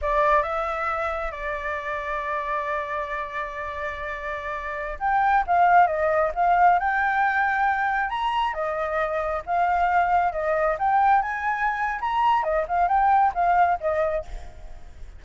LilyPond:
\new Staff \with { instrumentName = "flute" } { \time 4/4 \tempo 4 = 135 d''4 e''2 d''4~ | d''1~ | d''2.~ d''16 g''8.~ | g''16 f''4 dis''4 f''4 g''8.~ |
g''2~ g''16 ais''4 dis''8.~ | dis''4~ dis''16 f''2 dis''8.~ | dis''16 g''4 gis''4.~ gis''16 ais''4 | dis''8 f''8 g''4 f''4 dis''4 | }